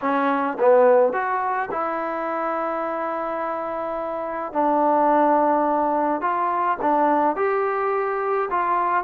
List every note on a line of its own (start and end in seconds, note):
0.01 0.57 C#4
0.59 1.12 B3
1.12 1.69 F#4
1.71 4.53 E4
4.53 6.21 D4
6.21 6.77 F4
6.81 7.36 D4
7.36 8.49 G4
8.50 9.04 F4